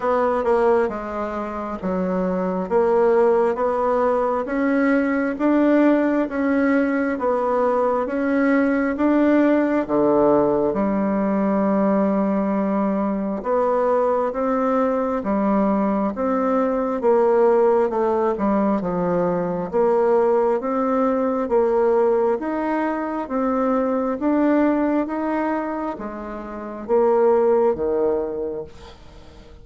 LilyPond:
\new Staff \with { instrumentName = "bassoon" } { \time 4/4 \tempo 4 = 67 b8 ais8 gis4 fis4 ais4 | b4 cis'4 d'4 cis'4 | b4 cis'4 d'4 d4 | g2. b4 |
c'4 g4 c'4 ais4 | a8 g8 f4 ais4 c'4 | ais4 dis'4 c'4 d'4 | dis'4 gis4 ais4 dis4 | }